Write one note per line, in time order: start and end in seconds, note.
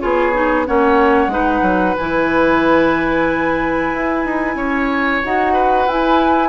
0.00 0.68 B3
0.00 0.33 F4
0.00 0.68 G#4
0.00 0.65 C#5
0.34 0.66 D#4
0.66 1.27 A#3
0.66 1.30 C#4
0.66 1.32 C#5
0.66 1.97 F#5
1.27 1.60 G#3
1.27 1.96 D#4
1.27 4.57 B4
1.62 1.95 F#3
1.97 3.94 E3
1.97 5.24 E4
1.97 5.24 G#5
3.94 4.25 E4
4.25 4.55 D#4
4.55 5.21 C#4
4.55 5.53 C#5
5.24 5.87 D#4
5.24 5.90 F#4
5.24 5.89 F#5
5.53 6.49 B4
5.87 6.49 E4
5.87 6.49 G#5